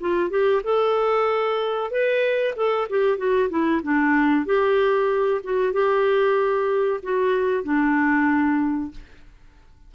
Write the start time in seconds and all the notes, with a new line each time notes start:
0.00 F4
0.30 G4
0.64 A4
1.91 B4
2.56 A4
2.90 G4
3.17 F#4
3.50 E4
3.83 D4
4.46 G4
5.44 F#4
5.73 G4
7.03 F#4
7.64 D4